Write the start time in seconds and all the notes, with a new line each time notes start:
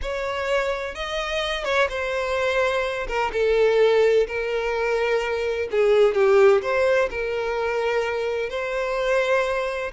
0.02 C#5
0.94 D#5
1.64 C#5
1.89 C5
3.07 A#4
3.32 A4
4.27 A#4
5.71 G#4
6.14 G4
6.61 C5
7.10 A#4
8.49 C5